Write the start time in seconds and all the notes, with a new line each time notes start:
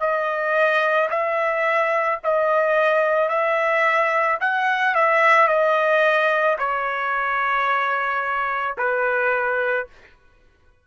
0.00 D#5
1.10 E5
2.24 D#5
3.29 E5
4.40 F#5
4.95 E5
5.47 D#5
6.58 C#5
8.78 B4